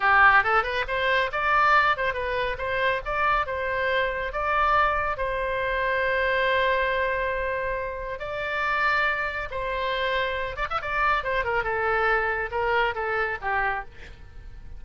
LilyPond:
\new Staff \with { instrumentName = "oboe" } { \time 4/4 \tempo 4 = 139 g'4 a'8 b'8 c''4 d''4~ | d''8 c''8 b'4 c''4 d''4 | c''2 d''2 | c''1~ |
c''2. d''4~ | d''2 c''2~ | c''8 d''16 e''16 d''4 c''8 ais'8 a'4~ | a'4 ais'4 a'4 g'4 | }